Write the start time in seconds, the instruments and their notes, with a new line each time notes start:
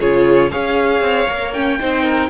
0.00 cello C#3, viola F4, violin G#4 C#5
0.51 cello C#4, viola G#4, violin C#5 F5
1.01 cello C4
1.28 cello A#3, viola A#4
1.53 viola C#4, violin G5
1.79 cello C4, viola D#4, violin C5
2.04 violin A#4